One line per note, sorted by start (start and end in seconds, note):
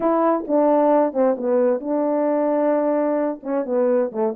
0.00 0.45 E4
0.47 1.13 D4
1.13 1.36 C4
1.37 1.80 B3
1.80 3.40 D4
3.42 3.65 C#4
3.65 4.11 B3
4.12 4.35 A3